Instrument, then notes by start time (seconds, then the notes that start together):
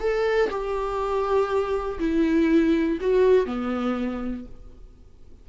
viola
0.00 A4
0.50 G4
1.99 E4
3.01 F#4
3.46 B3